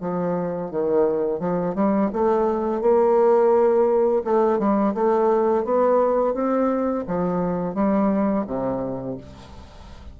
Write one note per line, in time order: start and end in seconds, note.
0.00 0.71 F3
0.71 1.39 D#3
1.39 1.75 F3
1.75 2.10 G3
2.13 2.81 A3
2.81 4.22 A#3
4.24 4.59 A3
4.59 4.94 G3
4.94 5.64 A3
5.64 6.34 B3
6.34 7.04 C4
7.07 7.74 F3
7.74 8.44 G3
8.46 9.17 C3